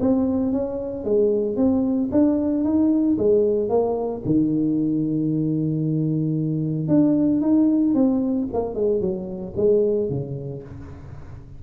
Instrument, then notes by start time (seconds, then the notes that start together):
tuba
0.00 C4
0.52 C#4
1.04 G#3
1.56 C4
2.11 D4
2.64 D#4
3.18 G#3
3.69 A#3
4.25 D#3
6.88 D4
7.41 D#4
7.94 C4
8.53 A#3
8.74 G#3
9.00 F#3
9.56 G#3
10.09 C#3